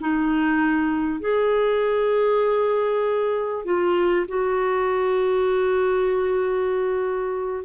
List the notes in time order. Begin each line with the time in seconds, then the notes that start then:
0.00 D#4
1.20 G#4
3.65 F4
4.28 F#4